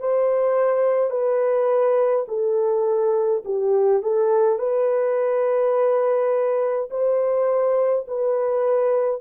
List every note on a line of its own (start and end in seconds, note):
0.00 1.11 C5
1.11 2.26 B4
2.28 3.44 A4
3.45 4.03 G4
4.03 4.59 A4
4.59 6.90 B4
6.91 8.06 C5
8.08 9.22 B4